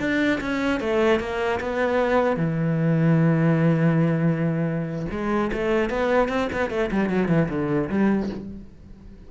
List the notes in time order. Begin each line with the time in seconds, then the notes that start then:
0.00 D4
0.41 C#4
0.81 A3
1.20 A#3
1.61 B3
2.37 E3
5.11 G#3
5.53 A3
5.90 B3
6.29 C4
6.53 B3
6.71 A3
6.92 G3
7.09 F#3
7.29 E3
7.49 D3
7.90 G3